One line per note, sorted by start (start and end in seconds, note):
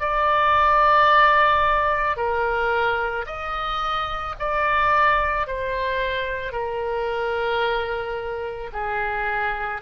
0.00 2.17 D5
2.17 3.26 A#4
3.26 4.35 D#5
4.39 5.47 D5
5.47 6.53 C5
6.53 8.71 A#4
8.73 9.82 G#4